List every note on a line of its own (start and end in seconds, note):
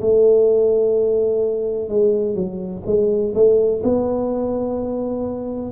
0.00 1.88 A3
1.88 2.35 G#3
2.35 2.83 F#3
2.86 3.34 G#3
3.34 3.82 A3
3.83 5.71 B3